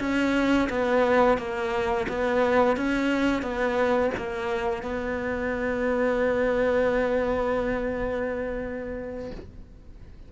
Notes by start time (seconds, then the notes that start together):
0.00 C#4
0.70 B3
1.38 A#3
2.09 B3
2.77 C#4
3.42 B3
4.17 A#3
4.83 B3